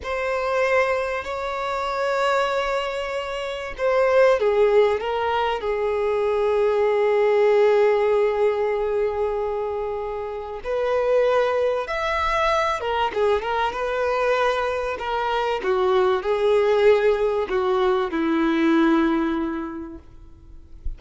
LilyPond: \new Staff \with { instrumentName = "violin" } { \time 4/4 \tempo 4 = 96 c''2 cis''2~ | cis''2 c''4 gis'4 | ais'4 gis'2.~ | gis'1~ |
gis'4 b'2 e''4~ | e''8 ais'8 gis'8 ais'8 b'2 | ais'4 fis'4 gis'2 | fis'4 e'2. | }